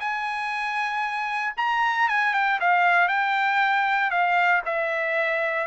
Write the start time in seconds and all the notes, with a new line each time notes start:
0.00 G#5
1.57 A#5
2.09 G#5
2.34 G5
2.60 F5
3.08 G5
4.11 F5
4.65 E5